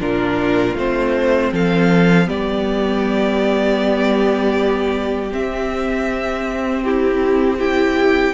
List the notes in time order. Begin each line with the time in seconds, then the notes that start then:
0.00 A#2 D4 F4 A#4
0.75 A3 C4 C5
1.52 F3 A4 F5
2.26 G3 B3 G4 D5
5.31 C4 E5
6.84 E4 G4
7.58 E4 G4 G5